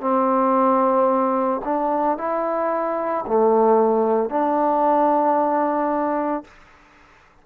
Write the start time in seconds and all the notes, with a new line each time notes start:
0.00 C4
1.64 D4
2.18 E4
3.26 A3
4.30 D4